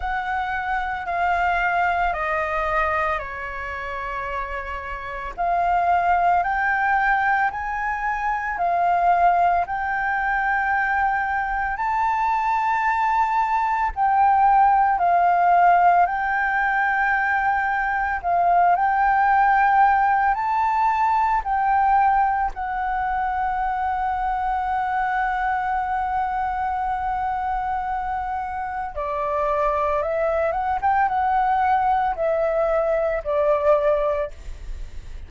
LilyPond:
\new Staff \with { instrumentName = "flute" } { \time 4/4 \tempo 4 = 56 fis''4 f''4 dis''4 cis''4~ | cis''4 f''4 g''4 gis''4 | f''4 g''2 a''4~ | a''4 g''4 f''4 g''4~ |
g''4 f''8 g''4. a''4 | g''4 fis''2.~ | fis''2. d''4 | e''8 fis''16 g''16 fis''4 e''4 d''4 | }